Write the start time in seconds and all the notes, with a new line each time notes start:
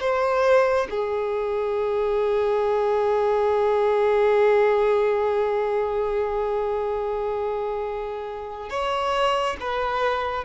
0.00 C5
0.90 G#4
8.70 C#5
9.60 B4